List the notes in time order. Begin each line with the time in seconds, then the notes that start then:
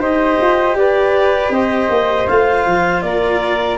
0.00 D#4 G4 C5 D#5
0.42 F4
0.75 G4 B4 D5
1.50 C4 C5 D#5
1.90 A#3
2.28 A3 F4 F5
2.66 F3
3.02 A#3 A#4 D5